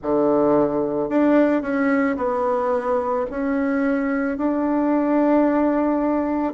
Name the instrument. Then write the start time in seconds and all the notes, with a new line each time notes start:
bassoon
0.02 D3
1.09 D4
1.62 C#4
2.16 B3
3.30 C#4
4.37 D4